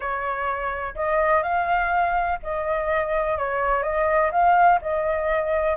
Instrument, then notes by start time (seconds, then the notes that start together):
flute
0.00 C#5
0.95 D#5
1.42 F5
2.42 D#5
3.37 C#5
3.82 D#5
4.31 F5
4.81 D#5